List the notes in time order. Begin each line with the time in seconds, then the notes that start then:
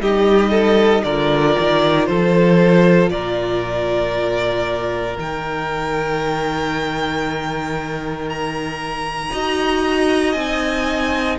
0.00 G3 D#4 G4 D#5
0.50 A4
1.04 D3 F4 A#4 D5
1.59 D#3
2.06 F3 A4 C5
3.10 A#2 A#4 D5
5.17 D#3 D#4 G5
8.29 A#5
9.31 D#4 F#4 D#5
10.33 C4 D#4 G#5